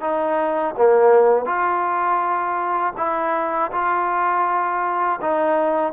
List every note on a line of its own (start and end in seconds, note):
0.00 0.74 D#4
0.77 1.45 A#3
1.45 2.93 F4
2.97 3.71 E4
3.71 5.20 F4
5.21 5.92 D#4